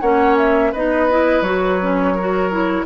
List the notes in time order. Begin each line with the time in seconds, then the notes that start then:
0.00 A#3 C#4 C#5 F#5
0.37 E5
0.72 B3 D#4 B4 D#5
1.10 E4
1.41 F#3 F#4 C#5
1.80 C#4
2.14 F#4 A#4
2.51 E4